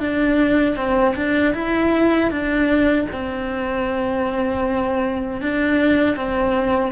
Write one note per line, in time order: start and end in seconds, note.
0.00 0.77 D4
0.77 1.15 C4
1.16 1.54 D4
1.54 2.31 E4
2.31 3.08 D4
3.13 5.42 C4
5.42 6.17 D4
6.17 6.93 C4